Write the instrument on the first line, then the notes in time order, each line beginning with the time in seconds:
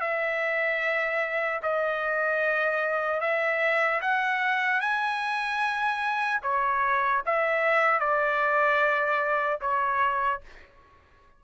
trumpet
0.00 E5
1.62 D#5
3.20 E5
4.01 F#5
4.80 G#5
6.42 C#5
7.25 E5
8.00 D5
9.61 C#5